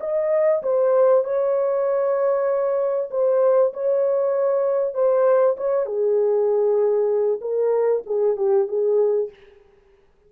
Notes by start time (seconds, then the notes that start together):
0.00 D#5
0.62 C5
1.24 C#5
3.10 C5
3.73 C#5
4.94 C5
5.57 C#5
5.86 G#4
7.41 A#4
8.06 G#4
8.37 G4
8.68 G#4